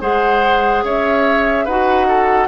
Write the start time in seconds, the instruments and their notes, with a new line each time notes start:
0.00 bassoon G#3, clarinet G#4, oboe C5, flute F#5
0.83 bassoon C#4, oboe C#5, flute E5
1.65 bassoon D#4, clarinet F#4, oboe B4, flute F#5
2.08 oboe A4